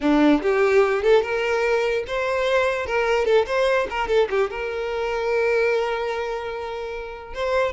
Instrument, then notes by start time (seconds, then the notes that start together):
violin
0.00 D4
0.42 G4
1.02 A4
1.22 A#4
2.07 C5
2.86 A#4
3.25 A4
3.46 C5
3.90 A#4
4.07 A4
4.29 G4
4.50 A#4
7.34 C5